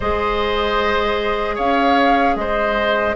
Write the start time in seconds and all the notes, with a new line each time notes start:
0.00 G#3 G#4 C5 D#5
1.55 C#4 C#5 F5
2.35 G#3 C5 D#5